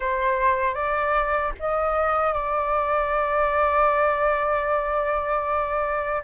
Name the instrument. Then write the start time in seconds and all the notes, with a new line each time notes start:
flute
0.00 C5
0.74 D5
1.59 D#5
2.33 D5